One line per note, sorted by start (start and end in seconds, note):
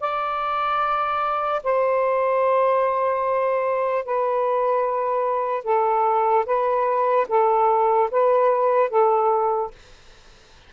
0.00 1.62 D5
1.63 4.05 C5
4.05 5.64 B4
5.64 6.45 A4
6.46 7.27 B4
7.29 8.10 A4
8.11 8.90 B4
8.90 9.71 A4